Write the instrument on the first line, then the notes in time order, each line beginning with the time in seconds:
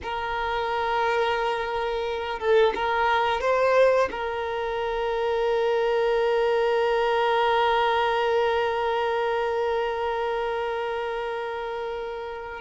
violin
0.02 A#4
2.39 A4
2.74 A#4
3.41 C5
4.11 A#4